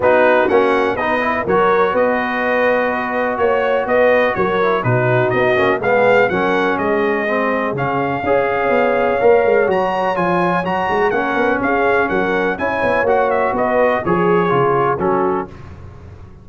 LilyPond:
<<
  \new Staff \with { instrumentName = "trumpet" } { \time 4/4 \tempo 4 = 124 b'4 fis''4 dis''4 cis''4 | dis''2. cis''4 | dis''4 cis''4 b'4 dis''4 | f''4 fis''4 dis''2 |
f''1 | ais''4 gis''4 ais''4 fis''4 | f''4 fis''4 gis''4 fis''8 e''8 | dis''4 cis''2 a'4 | }
  \new Staff \with { instrumentName = "horn" } { \time 4/4 fis'2 b'4 ais'4 | b'2. cis''4 | b'4 ais'4 fis'2 | gis'4 ais'4 gis'2~ |
gis'4 cis''2.~ | cis''2. ais'4 | gis'4 ais'4 cis''2 | b'4 gis'2 fis'4 | }
  \new Staff \with { instrumentName = "trombone" } { \time 4/4 dis'4 cis'4 dis'8 e'8 fis'4~ | fis'1~ | fis'4. e'8 dis'4. cis'8 | b4 cis'2 c'4 |
cis'4 gis'2 ais'4 | fis'4 f'4 fis'4 cis'4~ | cis'2 e'4 fis'4~ | fis'4 gis'4 f'4 cis'4 | }
  \new Staff \with { instrumentName = "tuba" } { \time 4/4 b4 ais4 b4 fis4 | b2. ais4 | b4 fis4 b,4 b8 ais8 | gis4 fis4 gis2 |
cis4 cis'4 b4 ais8 gis8 | fis4 f4 fis8 gis8 ais8 b8 | cis'4 fis4 cis'8 b8 ais4 | b4 f4 cis4 fis4 | }
>>